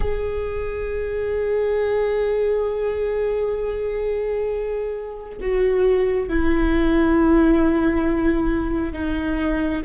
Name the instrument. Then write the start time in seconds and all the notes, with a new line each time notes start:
viola
0.00 G#4
5.40 F#4
6.28 E4
8.92 D#4